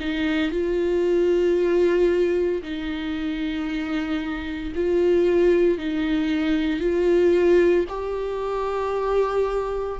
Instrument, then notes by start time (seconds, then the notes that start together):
viola
0.00 D#4
0.51 F4
2.62 D#4
4.75 F4
5.78 D#4
6.80 F4
7.89 G4